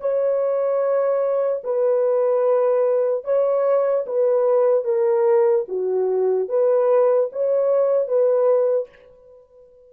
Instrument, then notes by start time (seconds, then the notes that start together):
horn
0.00 C#5
1.64 B4
3.24 C#5
4.06 B4
4.84 A#4
5.68 F#4
6.49 B4
7.32 C#5
8.07 B4